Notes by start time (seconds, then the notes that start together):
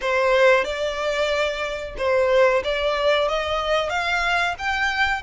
0.01 C5
0.64 D5
1.97 C5
2.64 D5
3.28 D#5
3.89 F5
4.58 G5